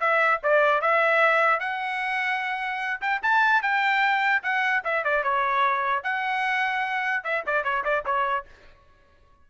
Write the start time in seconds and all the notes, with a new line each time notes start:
0.00 E5
0.43 D5
0.81 E5
1.60 F#5
3.01 G5
3.22 A5
3.62 G5
4.43 F#5
4.84 E5
5.04 D5
5.23 C#5
6.03 F#5
7.24 E5
7.46 D5
7.64 C#5
7.84 D5
8.05 C#5